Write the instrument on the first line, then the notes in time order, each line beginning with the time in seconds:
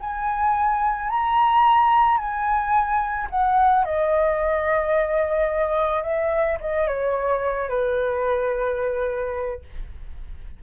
flute
0.00 G#5
1.10 A#5
2.17 G#5
3.30 F#5
3.85 D#5
6.03 E5
6.61 D#5
6.87 C#5
7.69 B4